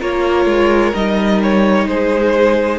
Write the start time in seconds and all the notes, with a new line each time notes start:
0.00 A#3 F4 A#4 C#5
0.46 G#3
0.95 G3 D#4 D#5
1.43 C#5
1.87 G#3 G#4 C5